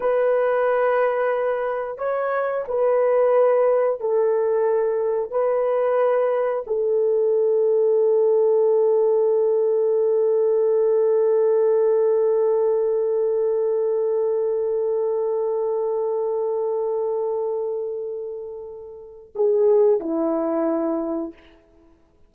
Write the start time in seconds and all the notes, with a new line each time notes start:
0.00 B4
1.98 C#5
2.68 B4
4.00 A4
5.31 B4
6.66 A4
19.35 G#4
19.99 E4